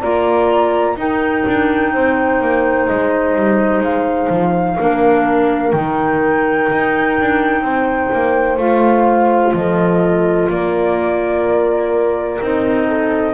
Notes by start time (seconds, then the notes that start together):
0.00 A#3 F4 D5 A#5
0.96 D#4 A#4 G5
1.47 D4
1.93 C4 C5
2.40 A#3
2.87 G#3 D#5
3.35 G3
3.80 G#3 F5
4.29 F3
4.78 A#3 D4 A#4
5.71 D#3 D#4 G5
6.71 D#4
7.20 D4
7.61 C4 C5
8.13 A#3
8.57 A3 F4 F5
9.53 F3 A4 D#5
10.49 A#3 A#4 D5
12.41 C4 D#4 D#5
12.88 A4